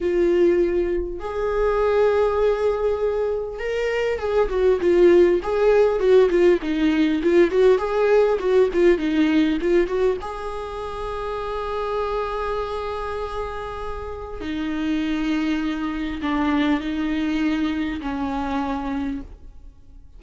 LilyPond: \new Staff \with { instrumentName = "viola" } { \time 4/4 \tempo 4 = 100 f'2 gis'2~ | gis'2 ais'4 gis'8 fis'8 | f'4 gis'4 fis'8 f'8 dis'4 | f'8 fis'8 gis'4 fis'8 f'8 dis'4 |
f'8 fis'8 gis'2.~ | gis'1 | dis'2. d'4 | dis'2 cis'2 | }